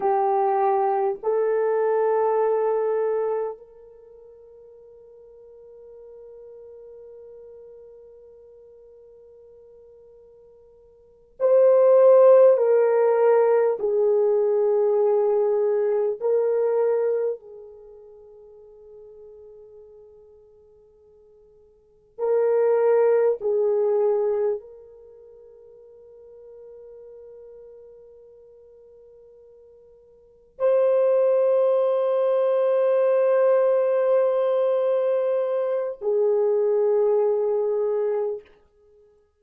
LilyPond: \new Staff \with { instrumentName = "horn" } { \time 4/4 \tempo 4 = 50 g'4 a'2 ais'4~ | ais'1~ | ais'4. c''4 ais'4 gis'8~ | gis'4. ais'4 gis'4.~ |
gis'2~ gis'8 ais'4 gis'8~ | gis'8 ais'2.~ ais'8~ | ais'4. c''2~ c''8~ | c''2 gis'2 | }